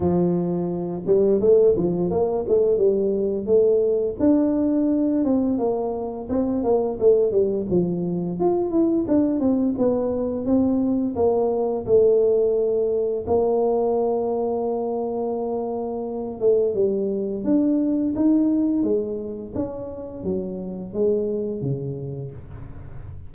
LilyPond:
\new Staff \with { instrumentName = "tuba" } { \time 4/4 \tempo 4 = 86 f4. g8 a8 f8 ais8 a8 | g4 a4 d'4. c'8 | ais4 c'8 ais8 a8 g8 f4 | f'8 e'8 d'8 c'8 b4 c'4 |
ais4 a2 ais4~ | ais2.~ ais8 a8 | g4 d'4 dis'4 gis4 | cis'4 fis4 gis4 cis4 | }